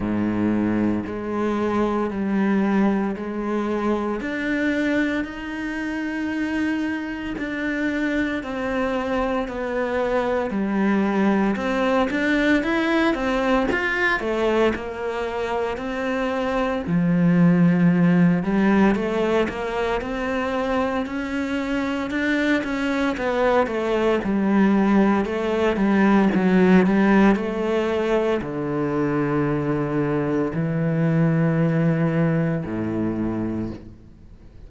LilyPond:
\new Staff \with { instrumentName = "cello" } { \time 4/4 \tempo 4 = 57 gis,4 gis4 g4 gis4 | d'4 dis'2 d'4 | c'4 b4 g4 c'8 d'8 | e'8 c'8 f'8 a8 ais4 c'4 |
f4. g8 a8 ais8 c'4 | cis'4 d'8 cis'8 b8 a8 g4 | a8 g8 fis8 g8 a4 d4~ | d4 e2 a,4 | }